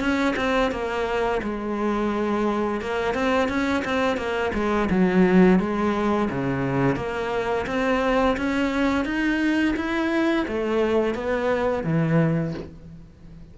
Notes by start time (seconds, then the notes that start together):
0.00 C#4
0.36 C4
0.71 A#3
1.43 G#3
2.81 A#3
3.14 C4
3.49 C#4
3.85 C4
4.17 A#3
4.54 G#3
4.91 F#3
5.59 G#3
6.30 C#3
6.96 A#3
7.67 C4
8.37 C#4
9.05 D#4
9.76 E4
10.48 A3
11.15 B3
11.84 E3